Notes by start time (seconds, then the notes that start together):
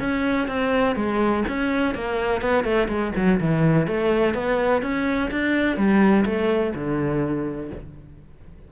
0.00 C#4
0.48 C4
0.96 G#3
1.48 C#4
1.95 A#3
2.42 B3
2.64 A3
2.88 G#3
3.16 F#3
3.40 E3
3.87 A3
4.34 B3
4.82 C#4
5.31 D4
5.77 G3
6.25 A3
6.74 D3